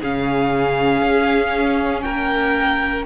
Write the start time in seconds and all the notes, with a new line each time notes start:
0.00 C#3 C#4 G#4 F5
1.02 C#4
2.01 A#3 A#4 G5